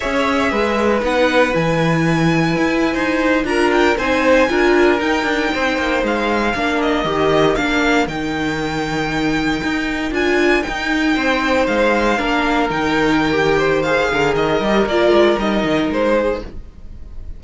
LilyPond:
<<
  \new Staff \with { instrumentName = "violin" } { \time 4/4 \tempo 4 = 117 e''2 fis''4 gis''4~ | gis''2~ gis''8. ais''8 g''8 gis''16~ | gis''4.~ gis''16 g''2 f''16~ | f''4~ f''16 dis''4. f''4 g''16~ |
g''2.~ g''8. gis''16~ | gis''8. g''2 f''4~ f''16~ | f''8. g''2~ g''16 f''4 | dis''4 d''4 dis''4 c''4 | }
  \new Staff \with { instrumentName = "violin" } { \time 4/4 cis''4 b'2.~ | b'4.~ b'16 c''4 ais'4 c''16~ | c''8. ais'2 c''4~ c''16~ | c''8. ais'2.~ ais'16~ |
ais'1~ | ais'4.~ ais'16 c''2 ais'16~ | ais'2~ ais'8 c''4 ais'8~ | ais'2.~ ais'8 gis'8 | }
  \new Staff \with { instrumentName = "viola" } { \time 4/4 gis'2 dis'4 e'4~ | e'2~ e'8. f'4 dis'16~ | dis'8. f'4 dis'2~ dis'16~ | dis'8. d'4 g'4 d'4 dis'16~ |
dis'2.~ dis'8. f'16~ | f'8. dis'2. d'16~ | d'8. dis'4~ dis'16 g'4 gis'4~ | gis'8 g'8 f'4 dis'2 | }
  \new Staff \with { instrumentName = "cello" } { \time 4/4 cis'4 gis4 b4 e4~ | e4 e'8. dis'4 d'4 c'16~ | c'8. d'4 dis'8 d'8 c'8 ais8 gis16~ | gis8. ais4 dis4 ais4 dis16~ |
dis2~ dis8. dis'4 d'16~ | d'8. dis'4 c'4 gis4 ais16~ | ais8. dis2~ dis8. d8 | dis8 g8 ais8 gis8 g8 dis8 gis4 | }
>>